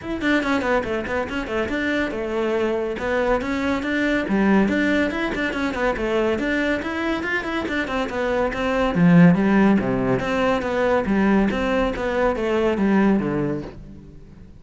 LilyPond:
\new Staff \with { instrumentName = "cello" } { \time 4/4 \tempo 4 = 141 e'8 d'8 cis'8 b8 a8 b8 cis'8 a8 | d'4 a2 b4 | cis'4 d'4 g4 d'4 | e'8 d'8 cis'8 b8 a4 d'4 |
e'4 f'8 e'8 d'8 c'8 b4 | c'4 f4 g4 c4 | c'4 b4 g4 c'4 | b4 a4 g4 d4 | }